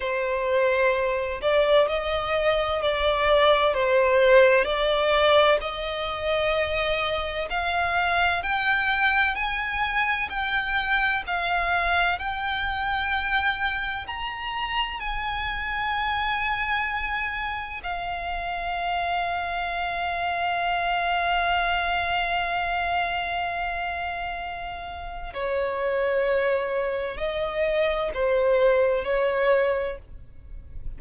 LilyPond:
\new Staff \with { instrumentName = "violin" } { \time 4/4 \tempo 4 = 64 c''4. d''8 dis''4 d''4 | c''4 d''4 dis''2 | f''4 g''4 gis''4 g''4 | f''4 g''2 ais''4 |
gis''2. f''4~ | f''1~ | f''2. cis''4~ | cis''4 dis''4 c''4 cis''4 | }